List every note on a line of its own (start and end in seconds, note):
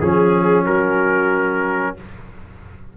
0.00 0.66 F3
0.00 1.97 C#4
0.00 0.63 G#4
0.00 0.65 G#4
0.63 1.96 F#3
0.63 1.93 F#4
0.63 1.96 A#4